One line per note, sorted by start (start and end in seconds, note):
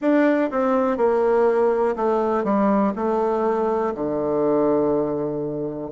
0.01 0.50 D4
0.50 0.97 C4
0.97 1.95 A#3
1.96 2.44 A3
2.44 2.93 G3
2.95 3.93 A3
3.94 5.91 D3